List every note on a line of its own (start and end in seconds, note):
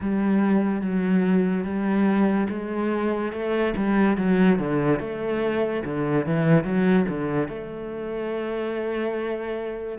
0.00 0.81 G3
0.81 1.64 F#3
1.64 2.47 G3
2.49 3.32 G#3
3.32 3.74 A3
3.76 4.17 G3
4.17 4.58 F#3
4.58 4.99 D3
4.99 5.83 A3
5.84 6.26 D3
6.26 6.64 E3
6.64 7.05 F#3
7.08 7.48 D3
7.48 9.98 A3